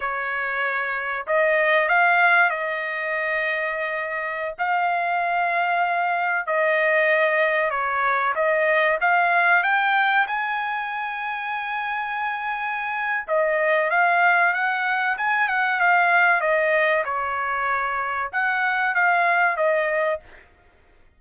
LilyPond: \new Staff \with { instrumentName = "trumpet" } { \time 4/4 \tempo 4 = 95 cis''2 dis''4 f''4 | dis''2.~ dis''16 f''8.~ | f''2~ f''16 dis''4.~ dis''16~ | dis''16 cis''4 dis''4 f''4 g''8.~ |
g''16 gis''2.~ gis''8.~ | gis''4 dis''4 f''4 fis''4 | gis''8 fis''8 f''4 dis''4 cis''4~ | cis''4 fis''4 f''4 dis''4 | }